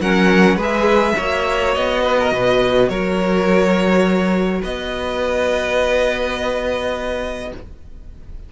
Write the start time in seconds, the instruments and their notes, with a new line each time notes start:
0.00 cello F#3, viola C#4, violin A#4 F#5
0.56 cello G#3, viola G#4, violin B4
0.62 violin E5
1.16 cello A#3, viola F#4, violin C#5
1.74 cello B3, violin D#5
2.02 violin B4
2.19 violin A#4
2.31 cello B2, violin B4
2.89 cello F#3, violin A#4 C#5
4.60 cello B3, violin B4 D#5